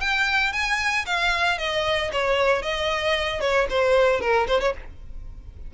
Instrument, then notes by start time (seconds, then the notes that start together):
violin
0.00 G5
0.52 G#5
1.06 F5
1.58 D#5
2.12 C#5
2.62 D#5
3.40 C#5
3.69 C5
4.21 A#4
4.47 C5
4.60 C#5